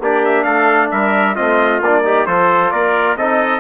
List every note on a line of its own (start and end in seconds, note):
0.00 0.45 A#3
0.00 1.36 D4
0.00 0.44 G4
0.00 0.25 D5
0.25 0.43 E5
0.43 0.90 A3
0.43 0.89 A4
0.43 0.88 F5
0.91 1.36 G3
0.91 1.35 A#4
0.91 1.35 E5
1.35 1.81 A3
1.35 1.81 C4
1.35 2.03 F4
1.35 1.81 D#5
1.81 2.26 A#3
1.81 2.04 D4
1.81 2.26 D5
2.04 2.27 D#4
2.04 2.27 G4
2.26 2.71 F3
2.26 3.17 F4
2.26 2.72 A4
2.26 2.71 C5
2.71 3.16 A#3
2.71 3.17 A#4
2.71 3.16 D5
3.16 3.60 C4
3.16 3.60 D#4
3.16 3.60 A4
3.16 3.60 D#5